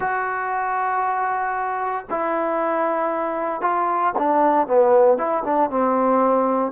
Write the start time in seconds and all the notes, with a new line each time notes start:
0.00 F#4
2.09 E4
3.61 F4
4.18 D4
4.67 B3
5.17 E4
5.44 D4
5.69 C4